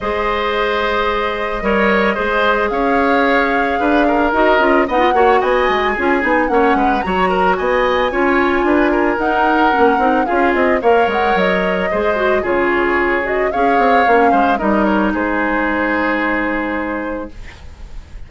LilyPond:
<<
  \new Staff \with { instrumentName = "flute" } { \time 4/4 \tempo 4 = 111 dis''1~ | dis''4 f''2. | dis''4 fis''4 gis''2 | fis''4 ais''4 gis''2~ |
gis''4 fis''2 f''8 dis''8 | f''8 fis''8 dis''2 cis''4~ | cis''8 dis''8 f''2 dis''8 cis''8 | c''1 | }
  \new Staff \with { instrumentName = "oboe" } { \time 4/4 c''2. cis''4 | c''4 cis''2 b'8 ais'8~ | ais'4 dis''8 cis''8 dis''4 gis'4 | cis''8 b'8 cis''8 ais'8 dis''4 cis''4 |
b'8 ais'2~ ais'8 gis'4 | cis''2 c''4 gis'4~ | gis'4 cis''4. c''8 ais'4 | gis'1 | }
  \new Staff \with { instrumentName = "clarinet" } { \time 4/4 gis'2. ais'4 | gis'1 | fis'8 f'8 dis'16 f'16 fis'4. f'8 dis'8 | cis'4 fis'2 f'4~ |
f'4 dis'4 cis'8 dis'8 f'4 | ais'2 gis'8 fis'8 f'4~ | f'8 fis'8 gis'4 cis'4 dis'4~ | dis'1 | }
  \new Staff \with { instrumentName = "bassoon" } { \time 4/4 gis2. g4 | gis4 cis'2 d'4 | dis'8 cis'8 b8 ais8 b8 gis8 cis'8 b8 | ais8 gis8 fis4 b4 cis'4 |
d'4 dis'4 ais8 c'8 cis'8 c'8 | ais8 gis8 fis4 gis4 cis4~ | cis4 cis'8 c'8 ais8 gis8 g4 | gis1 | }
>>